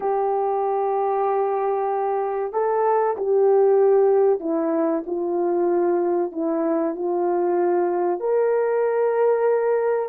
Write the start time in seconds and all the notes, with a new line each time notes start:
0.00 G4
2.52 A4
3.16 G4
4.40 E4
5.06 F4
6.32 E4
6.95 F4
8.20 A#4